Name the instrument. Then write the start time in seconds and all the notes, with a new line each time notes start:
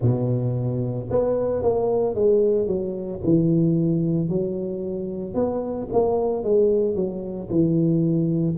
tuba
0.01 B2
1.10 B3
1.62 A#3
2.14 G#3
2.67 F#3
3.24 E3
4.29 F#3
5.34 B3
5.92 A#3
6.43 G#3
6.94 F#3
7.50 E3